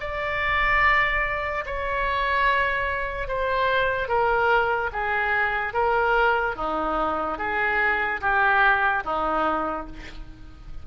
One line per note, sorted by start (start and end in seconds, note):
0.00 1.64 D5
1.66 3.27 C#5
3.27 4.08 C5
4.08 4.90 A#4
4.92 5.73 G#4
5.73 6.55 A#4
6.56 7.38 D#4
7.38 8.20 G#4
8.21 9.03 G4
9.04 9.86 D#4